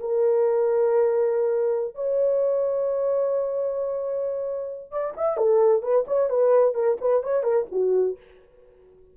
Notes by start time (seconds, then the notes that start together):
0.00 A#4
1.95 C#5
4.91 D5
5.17 E5
5.37 A4
5.82 B4
6.07 C#5
6.29 B4
6.75 A#4
7.01 B4
7.23 C#5
7.43 A#4
7.72 F#4